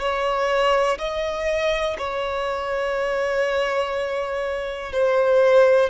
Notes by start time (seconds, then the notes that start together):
0.00 C#5
0.98 D#5
1.98 C#5
4.92 C5